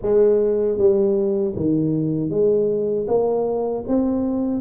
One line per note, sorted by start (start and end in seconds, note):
0.01 0.78 G#3
0.78 1.55 G3
1.56 2.29 D#3
2.29 3.06 G#3
3.07 3.84 A#3
3.87 4.60 C4